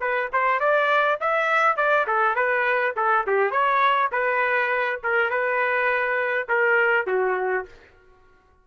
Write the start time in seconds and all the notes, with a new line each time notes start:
0.00 B4
0.32 C5
0.59 D5
1.20 E5
1.76 D5
2.07 A4
2.35 B4
2.96 A4
3.26 G4
3.51 C#5
4.11 B4
5.03 A#4
5.30 B4
6.48 A#4
7.06 F#4